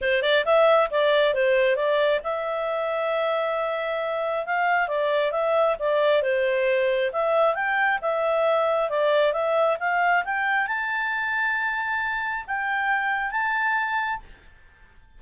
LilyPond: \new Staff \with { instrumentName = "clarinet" } { \time 4/4 \tempo 4 = 135 c''8 d''8 e''4 d''4 c''4 | d''4 e''2.~ | e''2 f''4 d''4 | e''4 d''4 c''2 |
e''4 g''4 e''2 | d''4 e''4 f''4 g''4 | a''1 | g''2 a''2 | }